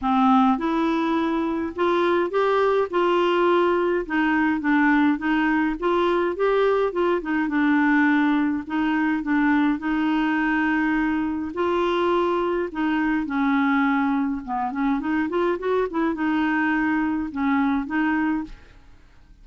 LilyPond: \new Staff \with { instrumentName = "clarinet" } { \time 4/4 \tempo 4 = 104 c'4 e'2 f'4 | g'4 f'2 dis'4 | d'4 dis'4 f'4 g'4 | f'8 dis'8 d'2 dis'4 |
d'4 dis'2. | f'2 dis'4 cis'4~ | cis'4 b8 cis'8 dis'8 f'8 fis'8 e'8 | dis'2 cis'4 dis'4 | }